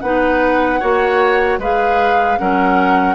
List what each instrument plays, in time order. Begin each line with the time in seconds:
0.00 bassoon B3, clarinet D#4, oboe B4, flute F#5
0.80 bassoon A#3, clarinet F#4, oboe C#5
1.58 bassoon G#3, clarinet G#4, oboe B4, flute F5
2.38 bassoon F#3, clarinet C#4, oboe A#4, flute F#5